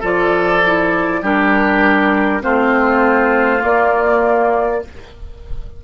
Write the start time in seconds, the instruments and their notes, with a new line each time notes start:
0.00 bassoon F3, clarinet F4, oboe A4, flute D5
0.66 clarinet E4
1.22 bassoon G3, clarinet D4, oboe G4, flute A#4
2.41 bassoon A3, clarinet C4, oboe F4, flute C5
3.60 clarinet A#3, bassoon A#3, flute D5